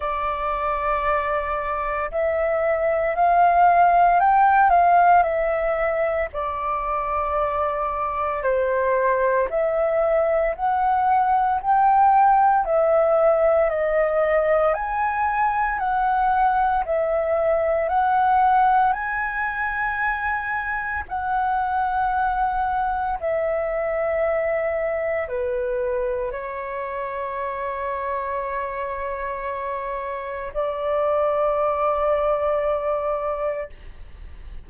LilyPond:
\new Staff \with { instrumentName = "flute" } { \time 4/4 \tempo 4 = 57 d''2 e''4 f''4 | g''8 f''8 e''4 d''2 | c''4 e''4 fis''4 g''4 | e''4 dis''4 gis''4 fis''4 |
e''4 fis''4 gis''2 | fis''2 e''2 | b'4 cis''2.~ | cis''4 d''2. | }